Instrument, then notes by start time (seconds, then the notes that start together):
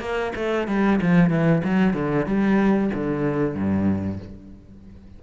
cello
0.00 A#3
0.36 A3
0.68 G3
1.01 F3
1.30 E3
1.64 F#3
1.94 D3
2.26 G3
2.94 D3
3.55 G2